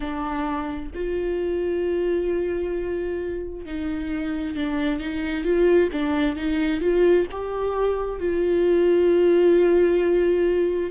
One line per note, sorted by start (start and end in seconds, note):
0.00 0.90 D4
0.94 3.65 F4
3.65 4.56 D#4
4.56 5.00 D4
5.00 5.44 D#4
5.44 5.89 F4
5.92 6.36 D4
6.36 6.81 D#4
6.81 7.26 F4
7.31 8.19 G4
8.19 10.90 F4